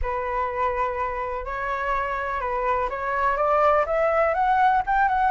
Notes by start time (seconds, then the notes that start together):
0.01 B4
1.45 C#5
2.40 B4
2.89 C#5
3.37 D5
3.86 E5
4.34 F#5
4.86 G5
5.08 F#5